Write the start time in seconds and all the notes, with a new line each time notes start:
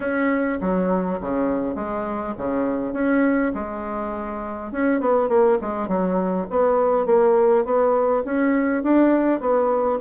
0.00 C#4
0.60 F#3
1.20 C#3
1.75 G#3
2.37 C#3
2.93 C#4
3.54 G#3
4.72 C#4
5.00 B3
5.28 A#3
5.61 G#3
5.88 F#3
6.49 B3
7.06 A#3
7.64 B3
8.24 C#4
8.83 D4
9.40 B3